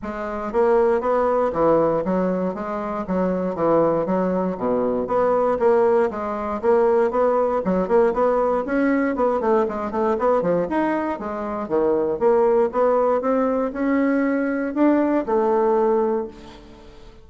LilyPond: \new Staff \with { instrumentName = "bassoon" } { \time 4/4 \tempo 4 = 118 gis4 ais4 b4 e4 | fis4 gis4 fis4 e4 | fis4 b,4 b4 ais4 | gis4 ais4 b4 fis8 ais8 |
b4 cis'4 b8 a8 gis8 a8 | b8 f8 dis'4 gis4 dis4 | ais4 b4 c'4 cis'4~ | cis'4 d'4 a2 | }